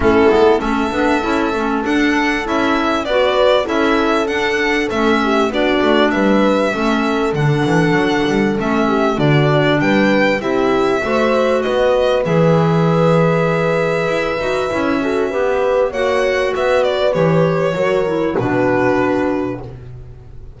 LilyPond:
<<
  \new Staff \with { instrumentName = "violin" } { \time 4/4 \tempo 4 = 98 a'4 e''2 fis''4 | e''4 d''4 e''4 fis''4 | e''4 d''4 e''2 | fis''2 e''4 d''4 |
g''4 e''2 dis''4 | e''1~ | e''2 fis''4 e''8 d''8 | cis''2 b'2 | }
  \new Staff \with { instrumentName = "horn" } { \time 4/4 e'4 a'2.~ | a'4 b'4 a'2~ | a'8 g'8 fis'4 b'4 a'4~ | a'2~ a'8 g'8 fis'4 |
b'4 g'4 c''4 b'4~ | b'1~ | b'8 a'8 b'4 cis''4 b'4~ | b'4 ais'4 fis'2 | }
  \new Staff \with { instrumentName = "clarinet" } { \time 4/4 cis'8 b8 cis'8 d'8 e'8 cis'8 d'4 | e'4 fis'4 e'4 d'4 | cis'4 d'2 cis'4 | d'2 cis'4 d'4~ |
d'4 e'4 fis'2 | gis'2.~ gis'8 fis'8 | e'8 fis'8 g'4 fis'2 | g'4 fis'8 e'8 d'2 | }
  \new Staff \with { instrumentName = "double bass" } { \time 4/4 a8 gis8 a8 b8 cis'8 a8 d'4 | cis'4 b4 cis'4 d'4 | a4 b8 a8 g4 a4 | d8 e8 fis8 g8 a4 d4 |
g4 c'4 a4 b4 | e2. e'8 dis'8 | cis'4 b4 ais4 b4 | e4 fis4 b,2 | }
>>